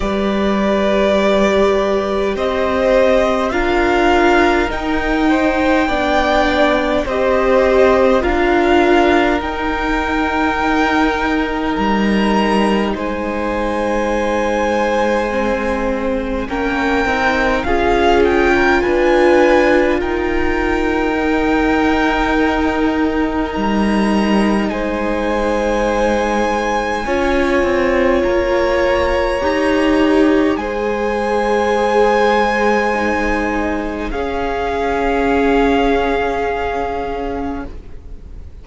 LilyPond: <<
  \new Staff \with { instrumentName = "violin" } { \time 4/4 \tempo 4 = 51 d''2 dis''4 f''4 | g''2 dis''4 f''4 | g''2 ais''4 gis''4~ | gis''2 g''4 f''8 g''8 |
gis''4 g''2. | ais''4 gis''2. | ais''2 gis''2~ | gis''4 f''2. | }
  \new Staff \with { instrumentName = "violin" } { \time 4/4 b'2 c''4 ais'4~ | ais'8 c''8 d''4 c''4 ais'4~ | ais'2. c''4~ | c''2 ais'4 gis'8. ais'16 |
b'4 ais'2.~ | ais'4 c''2 cis''4~ | cis''2 c''2~ | c''4 gis'2. | }
  \new Staff \with { instrumentName = "viola" } { \time 4/4 g'2. f'4 | dis'4 d'4 g'4 f'4 | dis'1~ | dis'4 c'4 cis'8 dis'8 f'4~ |
f'2 dis'2~ | dis'2. f'4~ | f'4 g'4 gis'2 | dis'4 cis'2. | }
  \new Staff \with { instrumentName = "cello" } { \time 4/4 g2 c'4 d'4 | dis'4 b4 c'4 d'4 | dis'2 g4 gis4~ | gis2 ais8 c'8 cis'4 |
d'4 dis'2. | g4 gis2 cis'8 c'8 | ais4 dis'4 gis2~ | gis4 cis'2. | }
>>